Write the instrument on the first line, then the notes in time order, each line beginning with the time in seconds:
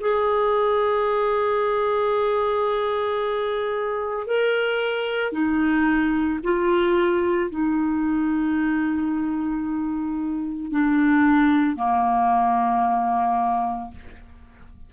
clarinet
0.00 G#4
4.27 A#4
5.32 D#4
6.43 F4
7.50 D#4
10.71 D4
11.76 A#3